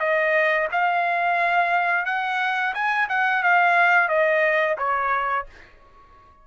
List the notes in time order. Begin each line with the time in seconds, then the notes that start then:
0.00 D#5
0.72 F5
2.06 F#5
2.75 G#5
3.09 F#5
3.43 F5
4.09 D#5
4.78 C#5